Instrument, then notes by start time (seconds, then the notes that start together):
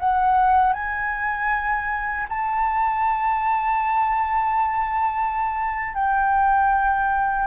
flute
0.00 F#5
0.73 G#5
2.30 A5
5.95 G5